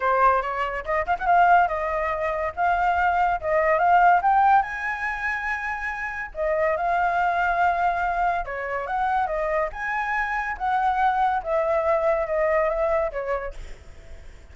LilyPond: \new Staff \with { instrumentName = "flute" } { \time 4/4 \tempo 4 = 142 c''4 cis''4 dis''8 f''16 fis''16 f''4 | dis''2 f''2 | dis''4 f''4 g''4 gis''4~ | gis''2. dis''4 |
f''1 | cis''4 fis''4 dis''4 gis''4~ | gis''4 fis''2 e''4~ | e''4 dis''4 e''4 cis''4 | }